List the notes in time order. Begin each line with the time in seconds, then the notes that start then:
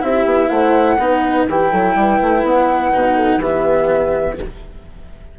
0.00 C4 E4 G4 E5
0.25 B3
0.49 A3 C5 F#5
0.98 B3 D#4 B4
1.49 E3 E4 G4 G5
1.71 F#3 A4
1.95 G3 B4
2.22 A3
2.43 B3 F#5
2.92 B2 D#4
3.15 A4
3.37 E3 B3 G4 E5